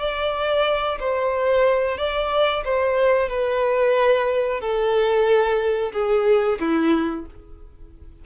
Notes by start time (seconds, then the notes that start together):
0.00 D5
1.00 C5
1.98 D5
2.65 C5
3.29 B4
4.61 A4
5.93 G#4
6.60 E4